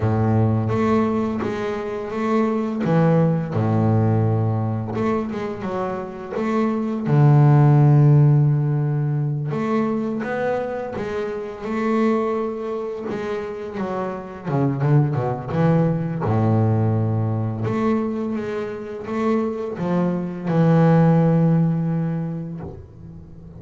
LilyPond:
\new Staff \with { instrumentName = "double bass" } { \time 4/4 \tempo 4 = 85 a,4 a4 gis4 a4 | e4 a,2 a8 gis8 | fis4 a4 d2~ | d4. a4 b4 gis8~ |
gis8 a2 gis4 fis8~ | fis8 cis8 d8 b,8 e4 a,4~ | a,4 a4 gis4 a4 | f4 e2. | }